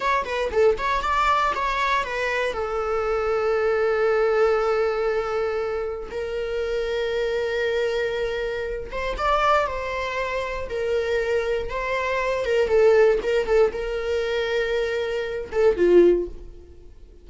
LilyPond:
\new Staff \with { instrumentName = "viola" } { \time 4/4 \tempo 4 = 118 cis''8 b'8 a'8 cis''8 d''4 cis''4 | b'4 a'2.~ | a'1 | ais'1~ |
ais'4. c''8 d''4 c''4~ | c''4 ais'2 c''4~ | c''8 ais'8 a'4 ais'8 a'8 ais'4~ | ais'2~ ais'8 a'8 f'4 | }